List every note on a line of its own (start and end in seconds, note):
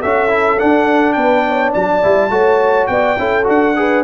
0.00 0.62 C#4
0.00 0.29 F#4
0.00 1.15 A4
0.00 0.59 E5
0.29 0.58 E4
0.59 2.02 D4
0.59 1.17 D4
0.59 1.13 F#5
1.13 1.74 B3
1.13 1.46 B4
1.13 1.71 G5
1.48 1.73 C#5
1.73 2.04 F#3
1.73 2.31 D5
1.73 2.87 A5
2.02 2.30 G3
2.02 2.31 E4
2.30 2.88 A3
2.30 3.17 F#4
2.30 2.91 C#5
2.87 3.18 B3
2.87 3.20 D5
2.87 3.45 G5
3.19 3.48 C#4
3.19 3.44 E4
3.19 3.78 A4
3.44 4.04 D4
3.44 3.73 F#4
3.44 4.04 F#5
3.76 4.04 G#4
3.76 4.04 B4